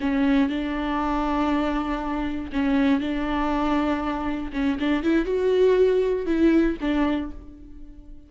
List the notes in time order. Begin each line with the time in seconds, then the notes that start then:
0.00 C#4
0.49 D4
2.52 C#4
3.00 D4
4.52 C#4
4.79 D4
5.03 E4
5.25 F#4
6.26 E4
6.81 D4